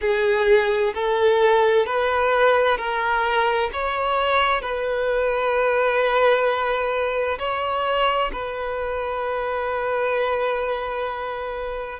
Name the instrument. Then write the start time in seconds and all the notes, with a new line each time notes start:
violin
0.01 G#4
0.94 A4
1.85 B4
2.77 A#4
3.72 C#5
4.61 B4
7.38 C#5
8.32 B4